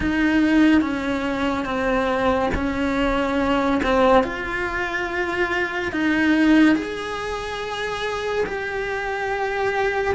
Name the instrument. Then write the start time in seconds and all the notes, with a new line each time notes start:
cello
0.00 D#4
0.81 C#4
1.65 C4
2.54 C#4
3.83 C4
4.23 F4
5.92 D#4
6.75 G#4
8.45 G4